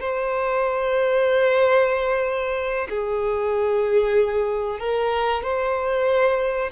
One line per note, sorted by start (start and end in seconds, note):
0.00 2.87 C5
2.89 4.79 G#4
4.79 5.43 A#4
5.43 6.71 C5